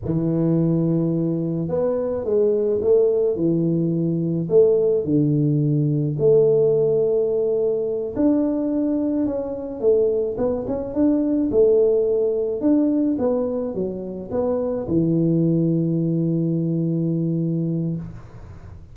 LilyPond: \new Staff \with { instrumentName = "tuba" } { \time 4/4 \tempo 4 = 107 e2. b4 | gis4 a4 e2 | a4 d2 a4~ | a2~ a8 d'4.~ |
d'8 cis'4 a4 b8 cis'8 d'8~ | d'8 a2 d'4 b8~ | b8 fis4 b4 e4.~ | e1 | }